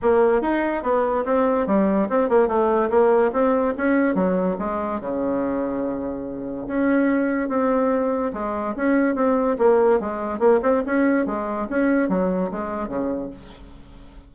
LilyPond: \new Staff \with { instrumentName = "bassoon" } { \time 4/4 \tempo 4 = 144 ais4 dis'4 b4 c'4 | g4 c'8 ais8 a4 ais4 | c'4 cis'4 fis4 gis4 | cis1 |
cis'2 c'2 | gis4 cis'4 c'4 ais4 | gis4 ais8 c'8 cis'4 gis4 | cis'4 fis4 gis4 cis4 | }